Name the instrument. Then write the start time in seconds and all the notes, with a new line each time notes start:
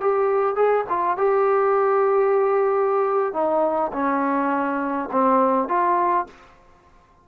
trombone
0.00 G4
0.55 G#4
0.89 F4
1.17 G4
3.33 D#4
3.92 C#4
5.11 C4
5.68 F4